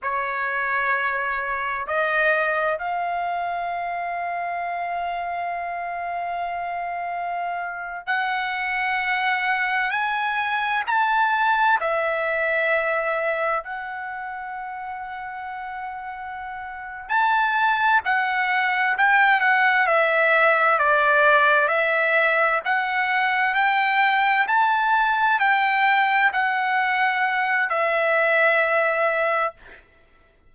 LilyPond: \new Staff \with { instrumentName = "trumpet" } { \time 4/4 \tempo 4 = 65 cis''2 dis''4 f''4~ | f''1~ | f''8. fis''2 gis''4 a''16~ | a''8. e''2 fis''4~ fis''16~ |
fis''2~ fis''8 a''4 fis''8~ | fis''8 g''8 fis''8 e''4 d''4 e''8~ | e''8 fis''4 g''4 a''4 g''8~ | g''8 fis''4. e''2 | }